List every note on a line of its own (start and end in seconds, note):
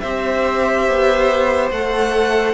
0.00 0.87 C4
0.00 1.73 G4
0.00 2.54 C5
0.00 1.69 E5
0.87 1.71 B3
1.71 2.54 A3
1.71 2.54 A4
1.71 2.54 F#5